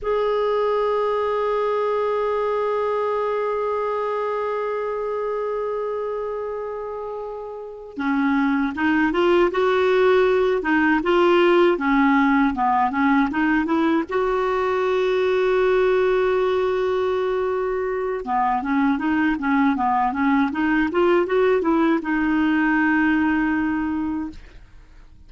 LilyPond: \new Staff \with { instrumentName = "clarinet" } { \time 4/4 \tempo 4 = 79 gis'1~ | gis'1~ | gis'2~ gis'8 cis'4 dis'8 | f'8 fis'4. dis'8 f'4 cis'8~ |
cis'8 b8 cis'8 dis'8 e'8 fis'4.~ | fis'1 | b8 cis'8 dis'8 cis'8 b8 cis'8 dis'8 f'8 | fis'8 e'8 dis'2. | }